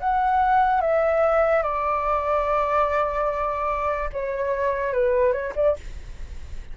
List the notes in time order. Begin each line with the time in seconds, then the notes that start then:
0.00 F#5
0.81 E5
1.63 D5
4.13 C#5
4.93 B4
5.33 C#5
5.56 D5